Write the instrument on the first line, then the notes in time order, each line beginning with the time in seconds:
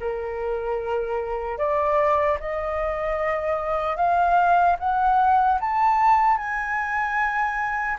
flute
0.00 A#4
1.58 D5
2.40 D#5
3.96 F5
4.79 F#5
5.60 A5
6.37 G#5